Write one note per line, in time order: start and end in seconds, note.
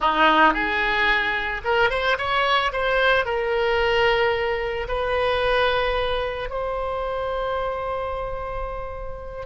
0.00 0.53 D#4
0.53 1.61 G#4
1.64 1.90 A#4
1.90 2.17 C5
2.18 2.72 C#5
2.72 3.25 C5
3.25 4.87 A#4
4.88 6.49 B4
6.49 9.46 C5